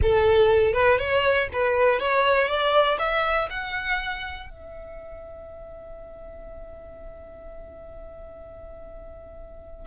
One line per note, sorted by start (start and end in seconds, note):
0.02 0.73 A4
0.73 0.98 B4
0.98 1.48 C#5
1.52 1.99 B4
1.99 2.48 C#5
2.48 2.97 D5
2.98 3.48 E5
3.50 4.49 F#5
4.49 9.86 E5